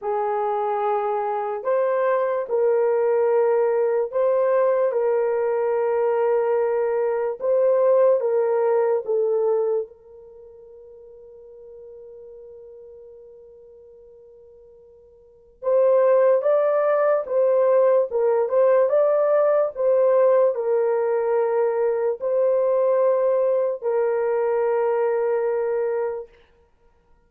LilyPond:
\new Staff \with { instrumentName = "horn" } { \time 4/4 \tempo 4 = 73 gis'2 c''4 ais'4~ | ais'4 c''4 ais'2~ | ais'4 c''4 ais'4 a'4 | ais'1~ |
ais'2. c''4 | d''4 c''4 ais'8 c''8 d''4 | c''4 ais'2 c''4~ | c''4 ais'2. | }